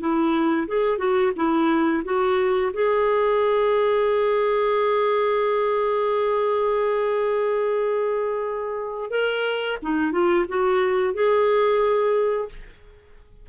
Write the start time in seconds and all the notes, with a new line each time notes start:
0.00 E4
0.68 G#4
0.98 F#4
1.36 E4
2.05 F#4
2.73 G#4
9.11 A#4
9.82 D#4
10.12 F4
10.49 F#4
11.14 G#4